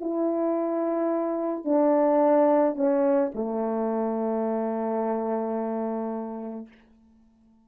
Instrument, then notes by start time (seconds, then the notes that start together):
horn
0.00 E4
1.64 D4
2.75 C#4
3.34 A3